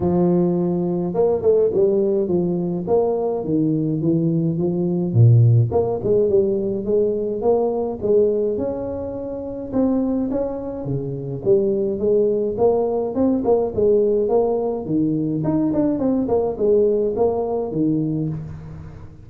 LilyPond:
\new Staff \with { instrumentName = "tuba" } { \time 4/4 \tempo 4 = 105 f2 ais8 a8 g4 | f4 ais4 dis4 e4 | f4 ais,4 ais8 gis8 g4 | gis4 ais4 gis4 cis'4~ |
cis'4 c'4 cis'4 cis4 | g4 gis4 ais4 c'8 ais8 | gis4 ais4 dis4 dis'8 d'8 | c'8 ais8 gis4 ais4 dis4 | }